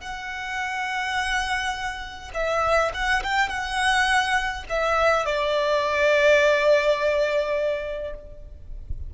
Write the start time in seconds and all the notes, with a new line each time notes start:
0.00 F#5
2.33 E5
2.94 F#5
3.23 G5
3.48 F#5
4.69 E5
5.25 D5